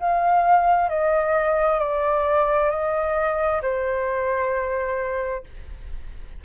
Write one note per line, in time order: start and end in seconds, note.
0.00 0.89 F5
0.89 1.79 D#5
1.79 2.70 D5
2.70 3.61 D#5
3.62 5.44 C5